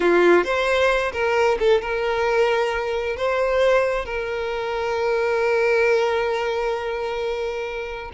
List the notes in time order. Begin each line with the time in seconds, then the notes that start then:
0.00 F4
0.44 C5
1.12 A#4
1.59 A4
1.81 A#4
3.16 C5
4.05 A#4